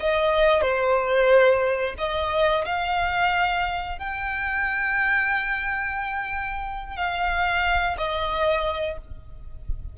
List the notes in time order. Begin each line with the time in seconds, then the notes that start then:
0.00 D#5
0.62 C5
1.98 D#5
2.65 F5
3.98 G5
6.96 F5
7.98 D#5